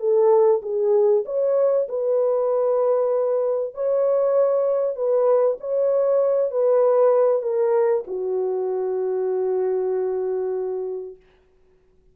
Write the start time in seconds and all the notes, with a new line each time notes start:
0.00 A4
0.62 G#4
1.26 C#5
1.89 B4
3.75 C#5
4.96 B4
5.60 C#5
6.51 B4
7.43 A#4
8.07 F#4